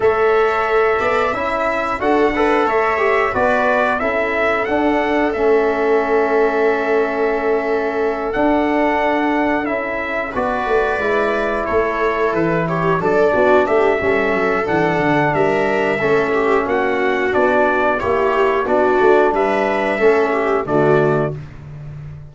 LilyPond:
<<
  \new Staff \with { instrumentName = "trumpet" } { \time 4/4 \tempo 4 = 90 e''2. fis''4 | e''4 d''4 e''4 fis''4 | e''1~ | e''8 fis''2 e''4 d''8~ |
d''4. cis''4 b'8 cis''8 d''8~ | d''8 e''4. fis''4 e''4~ | e''4 fis''4 d''4 cis''4 | d''4 e''2 d''4 | }
  \new Staff \with { instrumentName = "viola" } { \time 4/4 cis''4. d''8 e''4 a'8 b'8 | cis''4 b'4 a'2~ | a'1~ | a'2.~ a'8 b'8~ |
b'4. a'4. g'8 a'8 | fis'8 g'8 a'2 ais'4 | a'8 g'8 fis'2 g'4 | fis'4 b'4 a'8 g'8 fis'4 | }
  \new Staff \with { instrumentName = "trombone" } { \time 4/4 a'2 e'4 fis'8 a'8~ | a'8 g'8 fis'4 e'4 d'4 | cis'1~ | cis'8 d'2 e'4 fis'8~ |
fis'8 e'2. d'8~ | d'4 cis'4 d'2 | cis'2 d'4 e'4 | d'2 cis'4 a4 | }
  \new Staff \with { instrumentName = "tuba" } { \time 4/4 a4. b8 cis'4 d'4 | a4 b4 cis'4 d'4 | a1~ | a8 d'2 cis'4 b8 |
a8 gis4 a4 e4 fis8 | b8 a8 g8 fis8 e8 d8 g4 | a4 ais4 b4 ais4 | b8 a8 g4 a4 d4 | }
>>